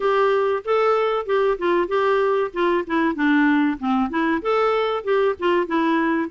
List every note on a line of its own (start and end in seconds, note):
0.00 0.63 G4
0.65 1.26 A4
1.26 1.57 G4
1.58 1.88 F4
1.88 2.51 G4
2.53 2.84 F4
2.86 3.15 E4
3.15 3.78 D4
3.79 4.10 C4
4.10 4.41 E4
4.42 5.04 A4
5.04 5.35 G4
5.39 5.67 F4
5.67 6.30 E4